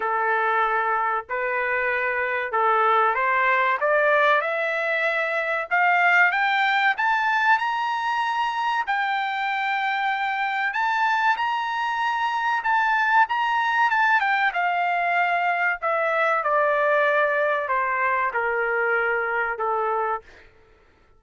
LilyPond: \new Staff \with { instrumentName = "trumpet" } { \time 4/4 \tempo 4 = 95 a'2 b'2 | a'4 c''4 d''4 e''4~ | e''4 f''4 g''4 a''4 | ais''2 g''2~ |
g''4 a''4 ais''2 | a''4 ais''4 a''8 g''8 f''4~ | f''4 e''4 d''2 | c''4 ais'2 a'4 | }